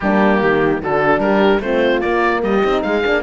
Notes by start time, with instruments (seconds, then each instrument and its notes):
0.00 cello G3, horn A#3 D4, oboe G4
0.40 cello D#3, horn G4
0.82 cello D3, horn D4 F#4, oboe A4
1.18 cello G3, horn G4, oboe A#4
1.60 cello A3, horn C4 F4, oboe C5
2.00 horn A#3, cello A#3, oboe D5
2.42 cello G3, horn G4, oboe D#5
2.63 cello C4, horn D#4
2.82 cello G#3, horn G#4, oboe F5
3.05 cello A#3, horn D4